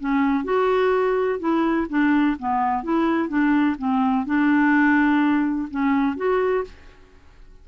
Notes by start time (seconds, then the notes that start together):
0.00 C#4
0.44 F#4
1.39 E4
1.90 D4
2.39 B3
2.84 E4
3.29 D4
3.78 C4
4.26 D4
5.71 C#4
6.17 F#4